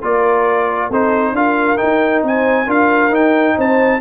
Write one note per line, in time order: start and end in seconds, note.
0.00 0.90 A#3
0.00 0.90 F4
0.00 0.89 A#4
0.00 0.92 D5
0.89 1.32 C4
0.89 1.35 D#4
0.89 1.33 A4
0.89 1.35 C5
1.32 1.76 D4
1.32 1.76 F4
1.32 2.25 A#4
1.32 1.77 F5
1.76 2.65 D#4
1.76 2.23 D#4
1.76 2.21 G5
2.23 2.67 C4
2.23 2.66 C5
2.23 2.70 G#5
2.66 3.09 D4
2.66 3.11 F4
2.66 3.55 A#4
2.66 3.14 F5
3.09 3.53 D#4
3.09 4.00 D#4
3.09 3.59 G5
3.55 4.00 C4
3.55 3.99 C5
3.55 4.00 A5